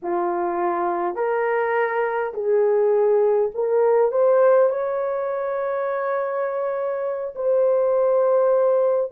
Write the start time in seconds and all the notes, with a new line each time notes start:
0.02 F4
1.15 A#4
2.33 G#4
3.54 A#4
4.11 C5
4.70 C#5
7.35 C5